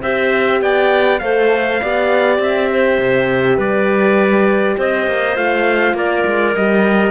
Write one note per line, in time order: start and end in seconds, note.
0.00 0.61 C4
0.00 1.21 G4
0.00 0.59 C5
0.00 0.61 E5
0.61 1.21 B3
0.61 1.21 D5
0.61 1.19 G5
1.19 1.80 A3
1.19 1.80 A4
1.19 1.81 C5
1.19 2.37 F5
1.81 2.38 B3
1.81 5.35 G4
1.81 2.70 D5
2.38 2.98 C4
2.38 3.59 E5
2.71 3.57 C5
2.98 3.57 C3
3.57 4.76 G3
3.57 4.75 B4
3.57 4.78 D5
4.77 5.07 C4
4.77 5.96 C5
4.77 5.36 D#5
5.07 5.36 A#3
5.35 5.94 A3
5.35 6.53 F4
5.35 5.96 F5
5.94 6.23 A#3
5.94 7.11 A#4
5.94 6.55 D5
6.26 6.55 G#3
6.55 7.11 G3
6.55 7.11 G4
6.55 7.11 D#5